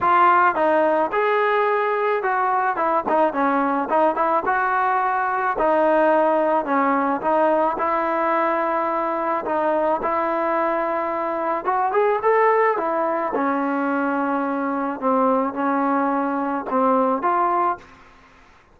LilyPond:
\new Staff \with { instrumentName = "trombone" } { \time 4/4 \tempo 4 = 108 f'4 dis'4 gis'2 | fis'4 e'8 dis'8 cis'4 dis'8 e'8 | fis'2 dis'2 | cis'4 dis'4 e'2~ |
e'4 dis'4 e'2~ | e'4 fis'8 gis'8 a'4 e'4 | cis'2. c'4 | cis'2 c'4 f'4 | }